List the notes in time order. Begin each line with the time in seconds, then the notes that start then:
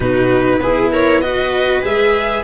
0.00 B2 D#4 F#4 B4
0.59 B3 E4 G#4
0.92 A#4 C#5
1.21 F#4 B4 D#5
1.82 G#3 G#4 E5